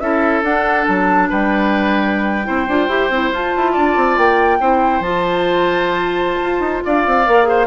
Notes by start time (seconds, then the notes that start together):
0.00 C#4 E4 A4 E5
0.43 D4 F#5
0.87 F#3 A5
1.30 G3 B4 G5
2.45 C4 E4 C5
2.68 D4 F4
2.88 E4 G4
3.10 C4 E4
3.31 F4 A5
3.57 E4
3.72 D4 D5
3.97 C4
4.17 A#3 G5
4.60 C4 E4 C5
5.00 F3 F4 A5
6.42 F4
6.60 D#4
6.85 D4 D5 F5
7.06 C4
7.26 A#3 A#4
7.43 G#4 C5